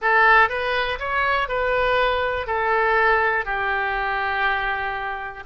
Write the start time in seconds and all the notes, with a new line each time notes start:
0.01 A4
0.49 B4
0.99 C#5
1.48 B4
2.46 A4
3.45 G4